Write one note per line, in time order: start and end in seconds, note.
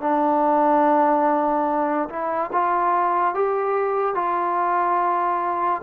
0.00 2.08 D4
2.09 2.50 E4
2.52 3.34 F4
3.34 4.14 G4
4.14 5.81 F4